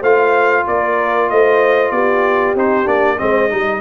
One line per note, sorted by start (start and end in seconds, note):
0.00 0.65 A3
0.00 2.56 F4
0.00 0.63 C5
0.00 0.66 F5
0.67 1.30 A#3
0.67 1.31 A#4
0.67 1.29 D5
1.29 1.91 A3
1.29 1.92 C5
1.29 1.91 D#5
1.91 2.54 B3
1.91 3.18 G4
1.91 2.54 D5
2.55 2.86 C4
2.55 2.85 D#4
2.55 2.87 C5
2.85 3.18 A#3
2.85 3.16 D4
2.85 3.18 D5
3.18 3.51 G#3
3.18 3.49 C4
3.18 3.50 C5
3.18 3.80 D#5
3.49 3.80 G3
3.49 3.80 D#4
3.49 3.80 D#5